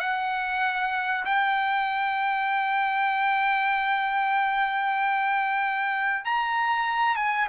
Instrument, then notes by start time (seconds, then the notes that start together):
trumpet
0.00 F#5
1.25 G5
6.25 A#5
7.16 G#5